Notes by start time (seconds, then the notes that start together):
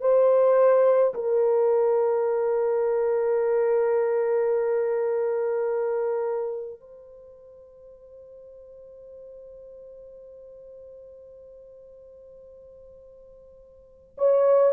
0.00 C5
1.14 A#4
6.80 C5
14.17 C#5